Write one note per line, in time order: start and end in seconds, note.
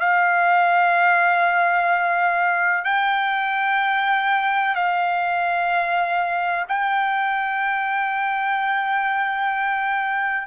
0.00 2.84 F5
2.84 4.75 G5
4.75 6.65 F5
6.68 10.47 G5